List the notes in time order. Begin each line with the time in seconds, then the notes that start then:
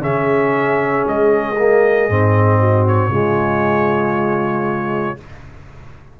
0.00 C#3 C#4 G#4 E5
1.06 G#3 D#5
1.57 A#3
2.09 G#2 C4
2.59 F#4
2.87 C#5
3.09 C#3 G#3 F4